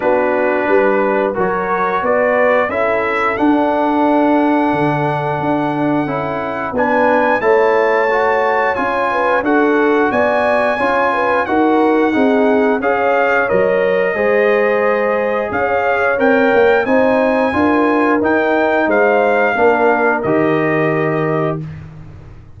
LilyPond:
<<
  \new Staff \with { instrumentName = "trumpet" } { \time 4/4 \tempo 4 = 89 b'2 cis''4 d''4 | e''4 fis''2.~ | fis''2 gis''4 a''4~ | a''4 gis''4 fis''4 gis''4~ |
gis''4 fis''2 f''4 | dis''2. f''4 | g''4 gis''2 g''4 | f''2 dis''2 | }
  \new Staff \with { instrumentName = "horn" } { \time 4/4 fis'4 b'4 ais'4 b'4 | a'1~ | a'2 b'4 cis''4~ | cis''4. b'8 a'4 d''4 |
cis''8 b'8 ais'4 gis'4 cis''4~ | cis''4 c''2 cis''4~ | cis''4 c''4 ais'2 | c''4 ais'2. | }
  \new Staff \with { instrumentName = "trombone" } { \time 4/4 d'2 fis'2 | e'4 d'2.~ | d'4 e'4 d'4 e'4 | fis'4 f'4 fis'2 |
f'4 fis'4 dis'4 gis'4 | ais'4 gis'2. | ais'4 dis'4 f'4 dis'4~ | dis'4 d'4 g'2 | }
  \new Staff \with { instrumentName = "tuba" } { \time 4/4 b4 g4 fis4 b4 | cis'4 d'2 d4 | d'4 cis'4 b4 a4~ | a4 cis'4 d'4 b4 |
cis'4 dis'4 c'4 cis'4 | fis4 gis2 cis'4 | c'8 ais8 c'4 d'4 dis'4 | gis4 ais4 dis2 | }
>>